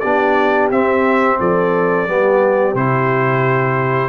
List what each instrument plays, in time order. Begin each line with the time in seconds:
0.00 tuba B3, trombone D4, horn G4, trumpet D5
0.71 tuba C4, trombone C4, trumpet E5
1.39 tuba F3, horn A4, trumpet D5
2.08 tuba G3, trombone B3, horn G4
2.74 tuba C3, trombone E4, trumpet C5